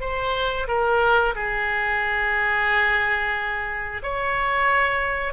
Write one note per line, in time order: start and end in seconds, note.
0.00 0.67 C5
0.68 1.34 A#4
1.35 4.02 G#4
4.03 5.33 C#5